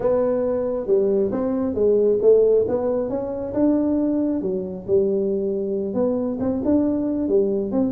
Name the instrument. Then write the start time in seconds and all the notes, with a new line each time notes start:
tuba
0.00 B3
0.86 G3
1.31 C4
1.74 G#3
2.21 A3
2.68 B3
3.09 C#4
3.53 D4
4.41 F#3
4.87 G3
5.94 B3
6.40 C4
6.64 D4
7.28 G3
7.71 C4